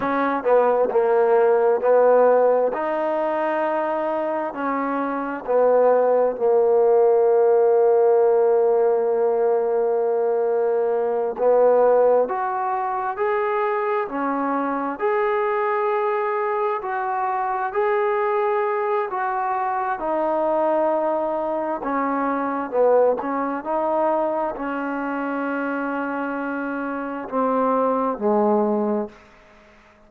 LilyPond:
\new Staff \with { instrumentName = "trombone" } { \time 4/4 \tempo 4 = 66 cis'8 b8 ais4 b4 dis'4~ | dis'4 cis'4 b4 ais4~ | ais1~ | ais8 b4 fis'4 gis'4 cis'8~ |
cis'8 gis'2 fis'4 gis'8~ | gis'4 fis'4 dis'2 | cis'4 b8 cis'8 dis'4 cis'4~ | cis'2 c'4 gis4 | }